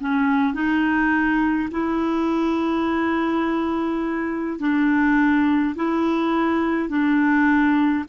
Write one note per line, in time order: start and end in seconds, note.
0.00 0.53 C#4
0.53 1.69 D#4
1.71 4.59 E4
4.59 5.75 D4
5.75 6.89 E4
6.89 8.05 D4